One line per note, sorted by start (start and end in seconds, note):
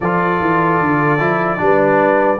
0.00 0.40 F3
0.00 1.18 F4
0.00 1.60 A4
0.00 2.40 D5
0.40 0.80 E3
0.80 1.20 D3
1.18 1.60 F3
1.18 1.57 E4
1.57 2.40 G3
1.57 2.37 D4
1.57 2.40 B4